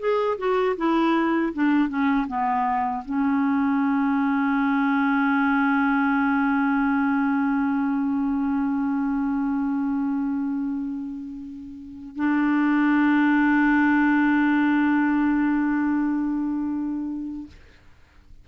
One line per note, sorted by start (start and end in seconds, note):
0.00 0.38 G#4
0.38 0.76 F#4
0.77 1.53 E4
1.54 1.89 D4
1.89 2.27 C#4
2.28 3.04 B3
3.06 12.16 C#4
12.16 17.48 D4